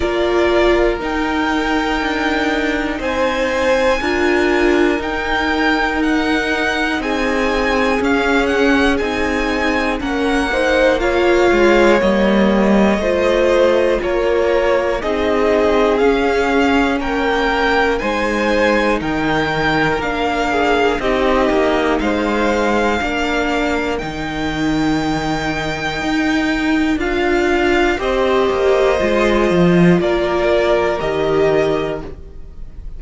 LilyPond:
<<
  \new Staff \with { instrumentName = "violin" } { \time 4/4 \tempo 4 = 60 d''4 g''2 gis''4~ | gis''4 g''4 fis''4 gis''4 | f''8 fis''8 gis''4 fis''4 f''4 | dis''2 cis''4 dis''4 |
f''4 g''4 gis''4 g''4 | f''4 dis''4 f''2 | g''2. f''4 | dis''2 d''4 dis''4 | }
  \new Staff \with { instrumentName = "violin" } { \time 4/4 ais'2. c''4 | ais'2. gis'4~ | gis'2 ais'8 c''8 cis''4~ | cis''4 c''4 ais'4 gis'4~ |
gis'4 ais'4 c''4 ais'4~ | ais'8 gis'8 g'4 c''4 ais'4~ | ais'1 | c''2 ais'2 | }
  \new Staff \with { instrumentName = "viola" } { \time 4/4 f'4 dis'2. | f'4 dis'2. | cis'4 dis'4 cis'8 dis'8 f'4 | ais4 f'2 dis'4 |
cis'2 dis'2 | d'4 dis'2 d'4 | dis'2. f'4 | g'4 f'2 g'4 | }
  \new Staff \with { instrumentName = "cello" } { \time 4/4 ais4 dis'4 d'4 c'4 | d'4 dis'2 c'4 | cis'4 c'4 ais4. gis8 | g4 a4 ais4 c'4 |
cis'4 ais4 gis4 dis4 | ais4 c'8 ais8 gis4 ais4 | dis2 dis'4 d'4 | c'8 ais8 gis8 f8 ais4 dis4 | }
>>